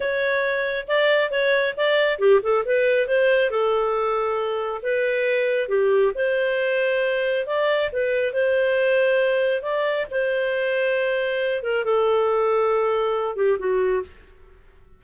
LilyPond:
\new Staff \with { instrumentName = "clarinet" } { \time 4/4 \tempo 4 = 137 cis''2 d''4 cis''4 | d''4 g'8 a'8 b'4 c''4 | a'2. b'4~ | b'4 g'4 c''2~ |
c''4 d''4 b'4 c''4~ | c''2 d''4 c''4~ | c''2~ c''8 ais'8 a'4~ | a'2~ a'8 g'8 fis'4 | }